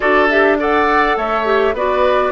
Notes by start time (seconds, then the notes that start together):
0.00 D4 F#4 A4 D5
0.29 G4 E5
0.59 A4 D5 F#5
1.16 A3 C#5 E5
1.45 G4
1.73 B3 F#4 B4 D5